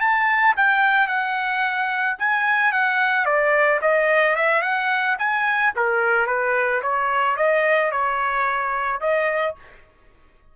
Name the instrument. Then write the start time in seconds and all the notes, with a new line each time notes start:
trumpet
0.00 A5
0.57 G5
1.07 F#5
2.18 G#5
2.72 F#5
3.25 D5
3.81 D#5
4.36 E5
4.62 F#5
5.18 G#5
5.75 A#4
6.26 B4
6.82 C#5
7.36 D#5
7.91 C#5
9.00 D#5